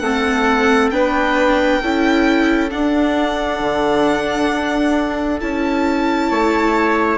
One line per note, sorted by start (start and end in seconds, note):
0.00 0.90 A3
0.00 0.92 C4
0.00 0.94 A4
0.00 0.90 F#5
0.91 1.82 B3
0.91 1.82 D4
0.91 1.82 B4
0.91 2.70 G5
1.82 2.72 C#4
1.82 2.70 E4
1.82 6.30 A4
2.70 5.39 D4
2.70 3.60 D4
2.70 5.40 F#5
3.60 4.50 D3
4.52 5.41 D4
5.40 6.32 C#4
5.40 7.19 E4
5.40 7.19 A5
6.30 7.19 A3
6.30 7.19 C#5